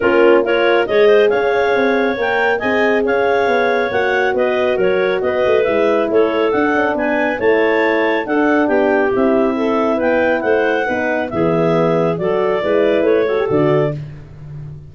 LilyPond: <<
  \new Staff \with { instrumentName = "clarinet" } { \time 4/4 \tempo 4 = 138 ais'4 cis''4 dis''4 f''4~ | f''4 g''4 gis''4 f''4~ | f''4 fis''4 dis''4 cis''4 | dis''4 e''4 cis''4 fis''4 |
gis''4 a''2 fis''4 | g''4 e''2 g''4 | fis''2 e''2 | d''2 cis''4 d''4 | }
  \new Staff \with { instrumentName = "clarinet" } { \time 4/4 f'4 ais'4 cis''8 c''8 cis''4~ | cis''2 dis''4 cis''4~ | cis''2 b'4 ais'4 | b'2 a'2 |
b'4 cis''2 a'4 | g'2 a'4 b'4 | c''4 b'4 gis'2 | a'4 b'4. a'4. | }
  \new Staff \with { instrumentName = "horn" } { \time 4/4 cis'4 f'4 gis'2~ | gis'4 ais'4 gis'2~ | gis'4 fis'2.~ | fis'4 e'2 d'4~ |
d'4 e'2 d'4~ | d'4 e'2.~ | e'4 dis'4 b2 | fis'4 e'4. fis'16 g'16 fis'4 | }
  \new Staff \with { instrumentName = "tuba" } { \time 4/4 ais2 gis4 cis'4 | c'4 ais4 c'4 cis'4 | b4 ais4 b4 fis4 | b8 a8 gis4 a4 d'8 cis'8 |
b4 a2 d'4 | b4 c'2 b4 | a4 b4 e2 | fis4 gis4 a4 d4 | }
>>